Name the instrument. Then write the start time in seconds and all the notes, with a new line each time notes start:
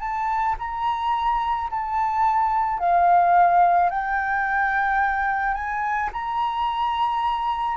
flute
0.00 A5
0.59 A#5
1.71 A5
2.79 F5
3.90 G5
5.55 G#5
6.13 A#5